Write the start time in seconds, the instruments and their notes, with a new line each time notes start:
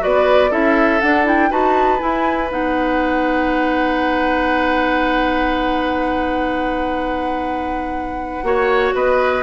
0.00 bassoon B3, clarinet F#4, oboe B4, flute D5
0.50 bassoon C#4, clarinet E4, oboe A4, flute E5
1.00 bassoon D4, clarinet D4, flute F#5
1.24 clarinet E4, flute G5
1.50 bassoon D#4, clarinet F#4, oboe B4, flute A5
1.98 clarinet E4, bassoon E4, flute G#5
2.49 bassoon B3, clarinet D#4, flute F#5
8.42 bassoon A#3, clarinet F#4, oboe C#5
8.93 bassoon B3, oboe B4, flute D#5